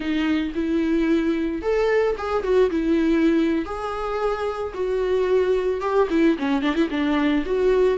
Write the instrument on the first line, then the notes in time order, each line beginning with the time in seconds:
viola
0.00 D#4
0.54 E4
1.61 A4
2.17 G#4
2.43 F#4
2.70 E4
3.65 G#4
4.74 F#4
5.80 G4
6.10 E4
6.38 C#4
6.62 D4
6.75 E4
6.90 D4
7.45 F#4